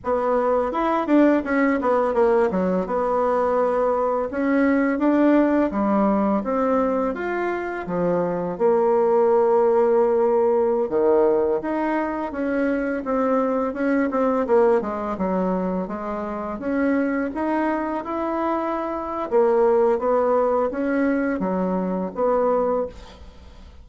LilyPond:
\new Staff \with { instrumentName = "bassoon" } { \time 4/4 \tempo 4 = 84 b4 e'8 d'8 cis'8 b8 ais8 fis8 | b2 cis'4 d'4 | g4 c'4 f'4 f4 | ais2.~ ais16 dis8.~ |
dis16 dis'4 cis'4 c'4 cis'8 c'16~ | c'16 ais8 gis8 fis4 gis4 cis'8.~ | cis'16 dis'4 e'4.~ e'16 ais4 | b4 cis'4 fis4 b4 | }